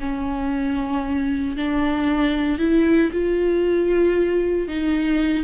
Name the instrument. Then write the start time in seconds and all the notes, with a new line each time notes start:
viola
0.00 C#4
1.57 D4
2.58 E4
3.12 F4
4.68 D#4